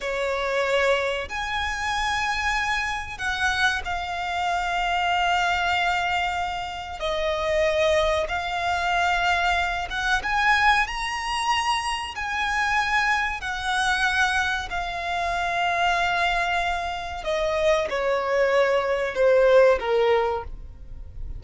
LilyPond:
\new Staff \with { instrumentName = "violin" } { \time 4/4 \tempo 4 = 94 cis''2 gis''2~ | gis''4 fis''4 f''2~ | f''2. dis''4~ | dis''4 f''2~ f''8 fis''8 |
gis''4 ais''2 gis''4~ | gis''4 fis''2 f''4~ | f''2. dis''4 | cis''2 c''4 ais'4 | }